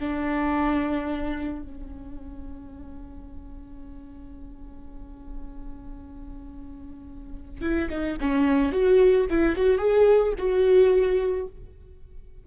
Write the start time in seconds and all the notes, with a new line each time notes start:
0.00 D4
1.62 C#4
7.62 E4
7.90 D#4
8.21 C#4
8.72 F#4
9.30 E4
9.56 F#4
9.79 G#4
10.38 F#4